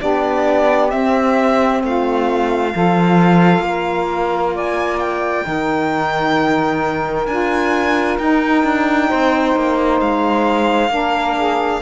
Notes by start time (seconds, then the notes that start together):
0.00 B3 D4 G4 D5
0.89 C4 E5
1.83 A3 F4 F5
2.72 F3 F4 A4
3.59 A#3
3.67 A#4
4.54 D5 G#5
4.99 G5
5.43 D#3 D#4 A#4
7.26 D4 F4 G#5
8.18 D#4 G5
8.63 D4
9.09 C4 C5
9.55 A#3
10.00 G#3 F5
10.89 A#3 D4 A#4
11.35 G#4